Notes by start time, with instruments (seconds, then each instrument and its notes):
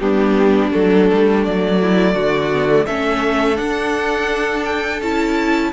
0.00 cello G3, viola B3, violin D4 G4
0.71 cello F#3, viola A3, violin A4
1.13 cello G3
1.44 cello F#3, violin D5
1.82 violin E4
2.14 cello D3, violin F#4
2.53 viola B3
2.69 viola A3
2.86 cello A3, viola C#4, violin A4 E5
3.55 viola D4, cello D4, violin F#5
4.65 violin G5
5.01 cello C#4, viola E4, violin A5